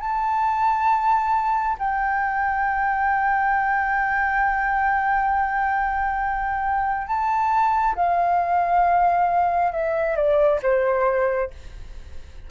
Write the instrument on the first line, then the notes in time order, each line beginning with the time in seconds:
flute
0.00 A5
1.78 G5
7.07 A5
7.95 F5
9.72 E5
10.16 D5
10.62 C5